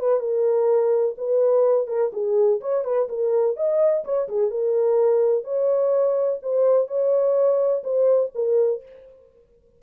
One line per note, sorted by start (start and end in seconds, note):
0.00 0.20 B4
0.20 1.16 A#4
1.18 1.88 B4
1.88 2.11 A#4
2.13 2.61 G#4
2.61 2.85 C#5
2.85 3.09 B4
3.09 3.57 A#4
3.57 4.04 D#5
4.05 4.28 C#5
4.29 4.51 G#4
4.51 5.44 A#4
5.44 6.40 C#5
6.43 6.88 C5
6.88 7.83 C#5
7.84 8.32 C5
8.35 8.83 A#4